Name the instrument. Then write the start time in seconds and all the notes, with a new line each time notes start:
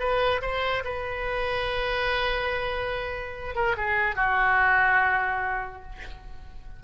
oboe
0.00 B4
0.42 C5
0.85 B4
3.56 A#4
3.77 G#4
4.16 F#4